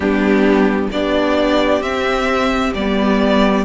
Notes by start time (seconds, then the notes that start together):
0.00 G3 B3 D4 G4
0.91 B3 D4 G4 D5
1.81 C4 E5
2.74 G3 B3 D5